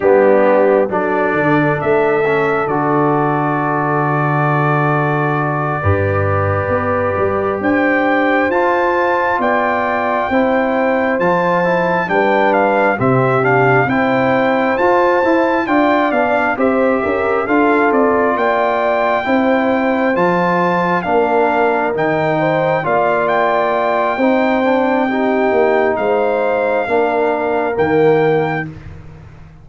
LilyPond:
<<
  \new Staff \with { instrumentName = "trumpet" } { \time 4/4 \tempo 4 = 67 g'4 d''4 e''4 d''4~ | d''1~ | d''8 g''4 a''4 g''4.~ | g''8 a''4 g''8 f''8 e''8 f''8 g''8~ |
g''8 a''4 g''8 f''8 e''4 f''8 | d''8 g''2 a''4 f''8~ | f''8 g''4 f''8 g''2~ | g''4 f''2 g''4 | }
  \new Staff \with { instrumentName = "horn" } { \time 4/4 d'4 a'2.~ | a'2~ a'8 b'4.~ | b'8 c''2 d''4 c''8~ | c''4. b'4 g'4 c''8~ |
c''4. d''4 c''8 ais'8 a'8~ | a'8 d''4 c''2 ais'8~ | ais'4 c''8 d''4. c''4 | g'4 c''4 ais'2 | }
  \new Staff \with { instrumentName = "trombone" } { \time 4/4 b4 d'4. cis'8 fis'4~ | fis'2~ fis'8 g'4.~ | g'4. f'2 e'8~ | e'8 f'8 e'8 d'4 c'8 d'8 e'8~ |
e'8 f'8 e'8 f'8 d'8 g'4 f'8~ | f'4. e'4 f'4 d'8~ | d'8 dis'4 f'4. dis'8 d'8 | dis'2 d'4 ais4 | }
  \new Staff \with { instrumentName = "tuba" } { \time 4/4 g4 fis8 d8 a4 d4~ | d2~ d8 g,4 b8 | g8 d'4 f'4 b4 c'8~ | c'8 f4 g4 c4 c'8~ |
c'8 f'8 e'8 d'8 b8 c'8 cis'8 d'8 | c'8 ais4 c'4 f4 ais8~ | ais8 dis4 ais4. c'4~ | c'8 ais8 gis4 ais4 dis4 | }
>>